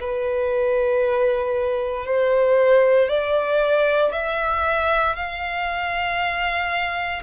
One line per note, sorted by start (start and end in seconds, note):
0.00 2.06 B4
2.06 3.08 C5
3.08 4.12 D5
4.12 5.15 E5
5.15 7.22 F5